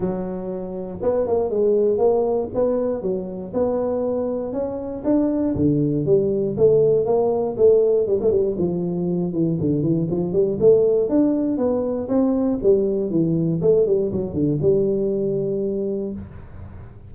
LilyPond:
\new Staff \with { instrumentName = "tuba" } { \time 4/4 \tempo 4 = 119 fis2 b8 ais8 gis4 | ais4 b4 fis4 b4~ | b4 cis'4 d'4 d4 | g4 a4 ais4 a4 |
g16 a16 g8 f4. e8 d8 e8 | f8 g8 a4 d'4 b4 | c'4 g4 e4 a8 g8 | fis8 d8 g2. | }